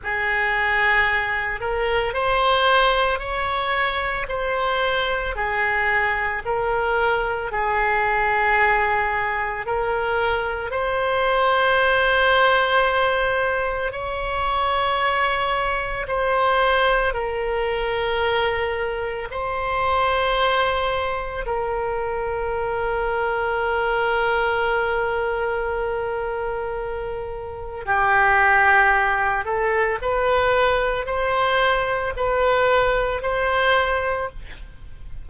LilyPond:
\new Staff \with { instrumentName = "oboe" } { \time 4/4 \tempo 4 = 56 gis'4. ais'8 c''4 cis''4 | c''4 gis'4 ais'4 gis'4~ | gis'4 ais'4 c''2~ | c''4 cis''2 c''4 |
ais'2 c''2 | ais'1~ | ais'2 g'4. a'8 | b'4 c''4 b'4 c''4 | }